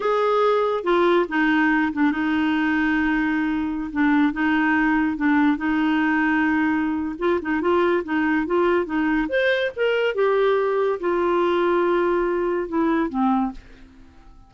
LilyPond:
\new Staff \with { instrumentName = "clarinet" } { \time 4/4 \tempo 4 = 142 gis'2 f'4 dis'4~ | dis'8 d'8 dis'2.~ | dis'4~ dis'16 d'4 dis'4.~ dis'16~ | dis'16 d'4 dis'2~ dis'8.~ |
dis'4 f'8 dis'8 f'4 dis'4 | f'4 dis'4 c''4 ais'4 | g'2 f'2~ | f'2 e'4 c'4 | }